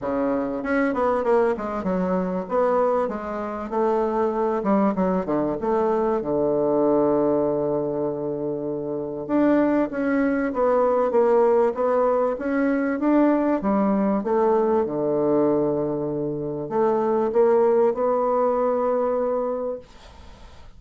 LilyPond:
\new Staff \with { instrumentName = "bassoon" } { \time 4/4 \tempo 4 = 97 cis4 cis'8 b8 ais8 gis8 fis4 | b4 gis4 a4. g8 | fis8 d8 a4 d2~ | d2. d'4 |
cis'4 b4 ais4 b4 | cis'4 d'4 g4 a4 | d2. a4 | ais4 b2. | }